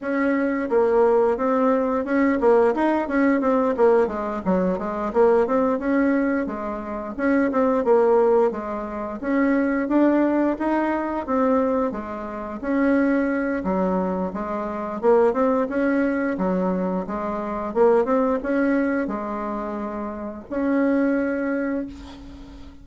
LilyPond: \new Staff \with { instrumentName = "bassoon" } { \time 4/4 \tempo 4 = 88 cis'4 ais4 c'4 cis'8 ais8 | dis'8 cis'8 c'8 ais8 gis8 fis8 gis8 ais8 | c'8 cis'4 gis4 cis'8 c'8 ais8~ | ais8 gis4 cis'4 d'4 dis'8~ |
dis'8 c'4 gis4 cis'4. | fis4 gis4 ais8 c'8 cis'4 | fis4 gis4 ais8 c'8 cis'4 | gis2 cis'2 | }